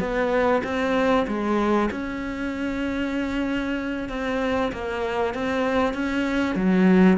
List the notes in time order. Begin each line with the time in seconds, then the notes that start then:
0.00 B3
0.64 C4
1.28 G#3
1.91 C#4
4.10 C4
4.73 A#3
5.34 C4
5.94 C#4
6.56 F#3